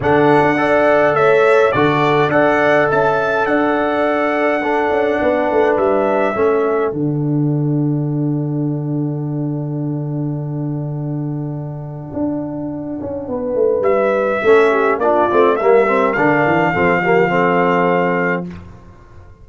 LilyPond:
<<
  \new Staff \with { instrumentName = "trumpet" } { \time 4/4 \tempo 4 = 104 fis''2 e''4 d''4 | fis''4 a''4 fis''2~ | fis''2 e''2 | fis''1~ |
fis''1~ | fis''1 | e''2 d''4 e''4 | f''1 | }
  \new Staff \with { instrumentName = "horn" } { \time 4/4 a'4 d''4 cis''4 a'4 | d''4 e''4 d''2 | a'4 b'2 a'4~ | a'1~ |
a'1~ | a'2. b'4~ | b'4 a'8 g'8 f'4 ais'4~ | ais'4 a'8 g'8 a'2 | }
  \new Staff \with { instrumentName = "trombone" } { \time 4/4 d'4 a'2 fis'4 | a'1 | d'2. cis'4 | d'1~ |
d'1~ | d'1~ | d'4 cis'4 d'8 c'8 ais8 c'8 | d'4 c'8 ais8 c'2 | }
  \new Staff \with { instrumentName = "tuba" } { \time 4/4 d8. d'4~ d'16 a4 d4 | d'4 cis'4 d'2~ | d'8 cis'8 b8 a8 g4 a4 | d1~ |
d1~ | d4 d'4. cis'8 b8 a8 | g4 a4 ais8 a8 g4 | d8 e8 f2. | }
>>